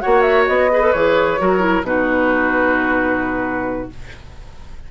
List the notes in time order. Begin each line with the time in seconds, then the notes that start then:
0.00 A#3 F#4 C#5 F#5
0.21 E5
0.47 B3 D#5
0.71 G#4 B4
0.82 A4
0.92 E3 G#4 C#5
1.38 F#3 F#4 A#4
1.59 E4
1.82 B2 D#4 F#4 B4